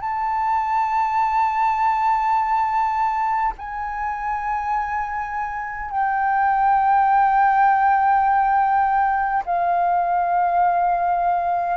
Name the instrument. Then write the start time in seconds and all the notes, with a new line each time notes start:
flute
0.00 A5
3.58 G#5
5.91 G5
9.45 F5